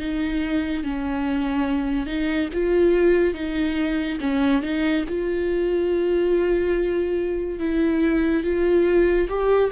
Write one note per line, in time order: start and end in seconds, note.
0.00 0.84 D#4
0.84 2.07 C#4
2.07 2.49 D#4
2.54 3.35 F4
3.35 4.19 D#4
4.21 4.63 C#4
4.63 5.05 D#4
5.09 7.59 F4
7.59 8.44 E4
8.44 9.29 F4
9.29 9.71 G4